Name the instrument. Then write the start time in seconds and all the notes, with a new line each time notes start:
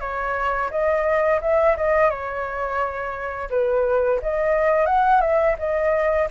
flute
0.00 C#5
0.70 D#5
1.41 E5
1.77 D#5
2.10 C#5
3.50 B4
4.22 D#5
4.86 F#5
5.21 E5
5.59 D#5